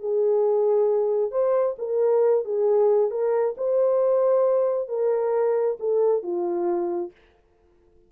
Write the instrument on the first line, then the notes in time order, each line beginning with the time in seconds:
horn
0.00 G#4
1.32 C5
1.79 A#4
2.45 G#4
3.11 A#4
3.58 C5
4.89 A#4
5.80 A4
6.23 F4